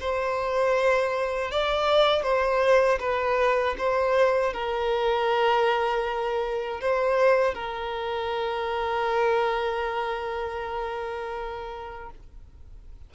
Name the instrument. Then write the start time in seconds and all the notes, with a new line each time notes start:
violin
0.00 C5
1.51 D5
2.23 C5
2.99 B4
3.78 C5
4.53 A#4
6.81 C5
7.54 A#4